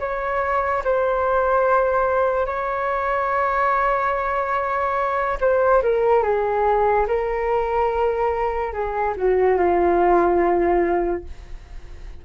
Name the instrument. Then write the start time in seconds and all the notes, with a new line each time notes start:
flute
0.00 C#5
0.84 C5
2.47 C#5
5.41 C5
5.83 A#4
6.23 G#4
7.08 A#4
8.73 G#4
9.17 F#4
9.58 F4